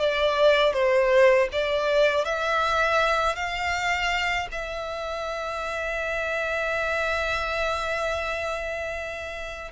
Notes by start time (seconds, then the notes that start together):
0.00 D5
0.74 C5
1.52 D5
2.25 E5
3.36 F5
4.52 E5